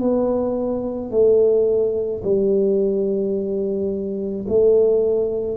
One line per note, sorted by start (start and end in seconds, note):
0.00 1.11 B3
1.11 2.22 A3
2.24 4.46 G3
4.48 5.57 A3